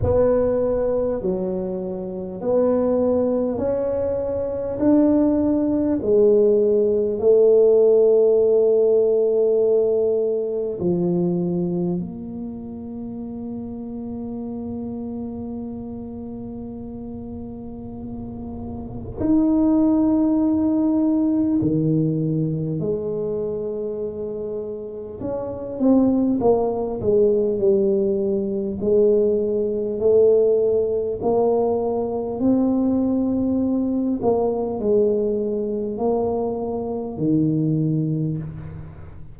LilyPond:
\new Staff \with { instrumentName = "tuba" } { \time 4/4 \tempo 4 = 50 b4 fis4 b4 cis'4 | d'4 gis4 a2~ | a4 f4 ais2~ | ais1 |
dis'2 dis4 gis4~ | gis4 cis'8 c'8 ais8 gis8 g4 | gis4 a4 ais4 c'4~ | c'8 ais8 gis4 ais4 dis4 | }